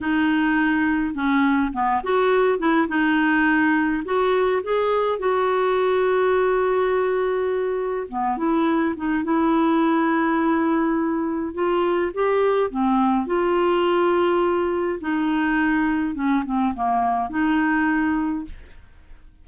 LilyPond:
\new Staff \with { instrumentName = "clarinet" } { \time 4/4 \tempo 4 = 104 dis'2 cis'4 b8 fis'8~ | fis'8 e'8 dis'2 fis'4 | gis'4 fis'2.~ | fis'2 b8 e'4 dis'8 |
e'1 | f'4 g'4 c'4 f'4~ | f'2 dis'2 | cis'8 c'8 ais4 dis'2 | }